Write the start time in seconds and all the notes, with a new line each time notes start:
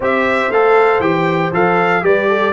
0.00 C4 G4 C5 E5
0.49 A3 A4 F5
1.00 E3 G4 G5
1.52 F3 A4 F5
2.02 G3 G4 B4 D5
2.28 A4